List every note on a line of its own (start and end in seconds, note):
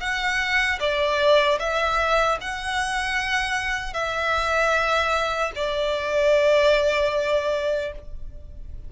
0.00 0.79 F#5
0.80 1.59 D5
1.59 2.38 E5
2.41 3.93 F#5
3.93 5.51 E5
5.55 7.92 D5